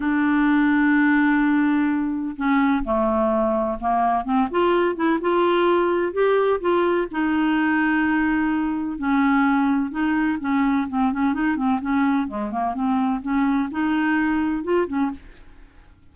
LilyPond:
\new Staff \with { instrumentName = "clarinet" } { \time 4/4 \tempo 4 = 127 d'1~ | d'4 cis'4 a2 | ais4 c'8 f'4 e'8 f'4~ | f'4 g'4 f'4 dis'4~ |
dis'2. cis'4~ | cis'4 dis'4 cis'4 c'8 cis'8 | dis'8 c'8 cis'4 gis8 ais8 c'4 | cis'4 dis'2 f'8 cis'8 | }